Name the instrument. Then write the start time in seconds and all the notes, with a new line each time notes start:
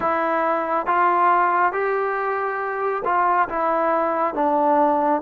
trombone
0.00 E4
0.86 F4
1.72 G4
3.04 F4
3.48 E4
4.34 D4